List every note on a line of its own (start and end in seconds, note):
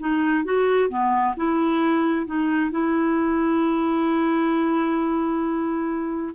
0.00 0.45 D#4
0.45 0.90 F#4
0.90 1.35 B3
1.37 2.26 E4
2.26 2.71 D#4
2.71 6.35 E4